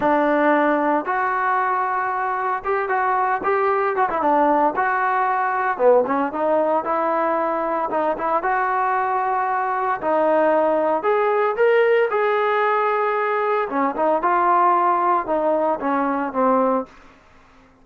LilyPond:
\new Staff \with { instrumentName = "trombone" } { \time 4/4 \tempo 4 = 114 d'2 fis'2~ | fis'4 g'8 fis'4 g'4 fis'16 e'16 | d'4 fis'2 b8 cis'8 | dis'4 e'2 dis'8 e'8 |
fis'2. dis'4~ | dis'4 gis'4 ais'4 gis'4~ | gis'2 cis'8 dis'8 f'4~ | f'4 dis'4 cis'4 c'4 | }